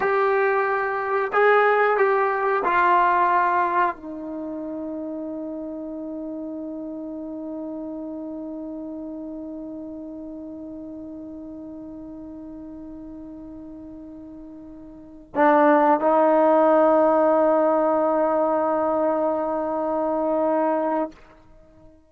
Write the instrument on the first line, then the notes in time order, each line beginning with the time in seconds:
trombone
0.00 G4
1.32 G#4
1.97 G4
2.64 F4
3.96 D#4
15.35 D4
16.00 D#4